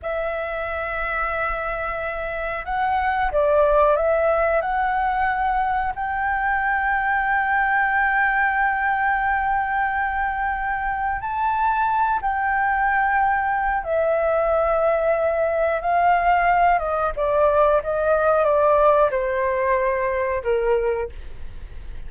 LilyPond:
\new Staff \with { instrumentName = "flute" } { \time 4/4 \tempo 4 = 91 e''1 | fis''4 d''4 e''4 fis''4~ | fis''4 g''2.~ | g''1~ |
g''4 a''4. g''4.~ | g''4 e''2. | f''4. dis''8 d''4 dis''4 | d''4 c''2 ais'4 | }